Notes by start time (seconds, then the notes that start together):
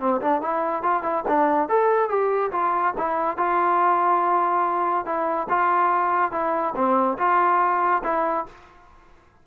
0.00 C4
0.21 D4
0.42 E4
0.83 F4
1.03 E4
1.28 D4
1.69 A4
2.09 G4
2.52 F4
2.98 E4
3.37 F4
5.06 E4
5.49 F4
6.32 E4
6.76 C4
7.18 F4
8.04 E4